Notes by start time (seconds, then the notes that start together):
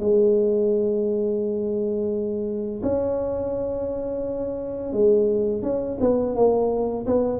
0.00 G#3
2.83 C#4
4.93 G#3
5.63 C#4
6.01 B3
6.36 A#3
7.07 B3